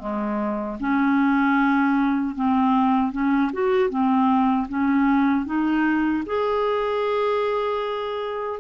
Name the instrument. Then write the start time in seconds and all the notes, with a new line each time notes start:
clarinet
0.00 G#3
0.80 C#4
2.36 C4
3.13 C#4
3.53 F#4
3.90 C4
4.69 C#4
5.46 D#4
6.26 G#4